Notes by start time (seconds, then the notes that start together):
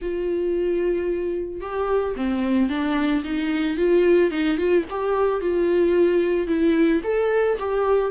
0.01 F4
1.60 G4
2.16 C4
2.69 D4
3.24 D#4
3.77 F4
4.30 D#4
4.57 F4
4.90 G4
5.41 F4
6.47 E4
7.03 A4
7.58 G4